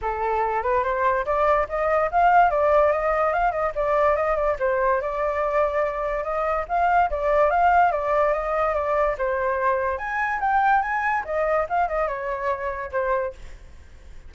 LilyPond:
\new Staff \with { instrumentName = "flute" } { \time 4/4 \tempo 4 = 144 a'4. b'8 c''4 d''4 | dis''4 f''4 d''4 dis''4 | f''8 dis''8 d''4 dis''8 d''8 c''4 | d''2. dis''4 |
f''4 d''4 f''4 d''4 | dis''4 d''4 c''2 | gis''4 g''4 gis''4 dis''4 | f''8 dis''8 cis''2 c''4 | }